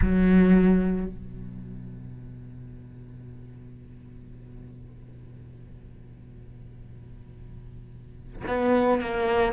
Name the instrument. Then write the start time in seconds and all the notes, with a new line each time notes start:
cello
0.01 F#3
1.06 B2
8.47 B3
9.01 A#3